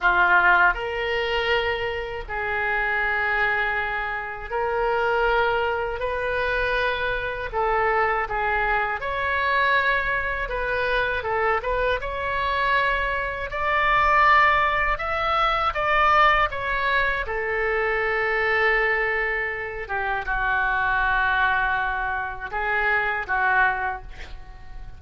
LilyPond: \new Staff \with { instrumentName = "oboe" } { \time 4/4 \tempo 4 = 80 f'4 ais'2 gis'4~ | gis'2 ais'2 | b'2 a'4 gis'4 | cis''2 b'4 a'8 b'8 |
cis''2 d''2 | e''4 d''4 cis''4 a'4~ | a'2~ a'8 g'8 fis'4~ | fis'2 gis'4 fis'4 | }